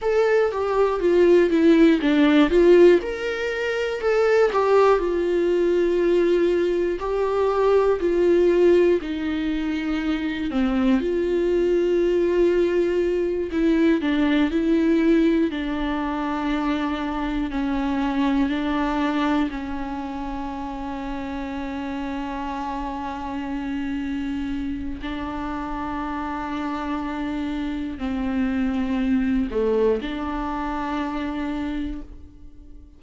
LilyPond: \new Staff \with { instrumentName = "viola" } { \time 4/4 \tempo 4 = 60 a'8 g'8 f'8 e'8 d'8 f'8 ais'4 | a'8 g'8 f'2 g'4 | f'4 dis'4. c'8 f'4~ | f'4. e'8 d'8 e'4 d'8~ |
d'4. cis'4 d'4 cis'8~ | cis'1~ | cis'4 d'2. | c'4. a8 d'2 | }